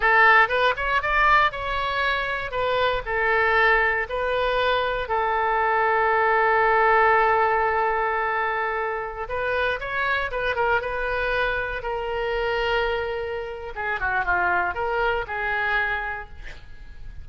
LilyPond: \new Staff \with { instrumentName = "oboe" } { \time 4/4 \tempo 4 = 118 a'4 b'8 cis''8 d''4 cis''4~ | cis''4 b'4 a'2 | b'2 a'2~ | a'1~ |
a'2~ a'16 b'4 cis''8.~ | cis''16 b'8 ais'8 b'2 ais'8.~ | ais'2. gis'8 fis'8 | f'4 ais'4 gis'2 | }